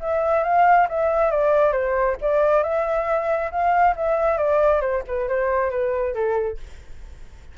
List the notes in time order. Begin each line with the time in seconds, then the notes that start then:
0.00 E5
0.43 F5
0.89 E5
1.31 D5
1.72 C5
2.21 D5
2.63 E5
3.51 F5
3.96 E5
4.38 D5
4.81 C5
5.07 B4
5.29 C5
5.71 B4
6.14 A4